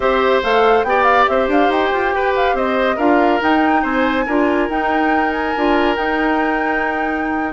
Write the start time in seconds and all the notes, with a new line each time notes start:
0.00 C4 G4 C5 E5
0.42 A3 A4 F5
0.83 B3 G4 D5 G5
1.03 F5
1.27 C4 C5 E5
1.47 D4 F5
1.69 D#4 G5
1.92 F4
2.13 G4 B4
2.35 F5
2.54 C4 C5 D#5
2.95 D4 F4 A#4 F5
3.40 D#4 G5
3.82 C4 C5 G#5
4.26 D4 F4 A#4
4.69 D#4 G5
5.31 G#5
5.56 D4 F4
5.95 D#4 G5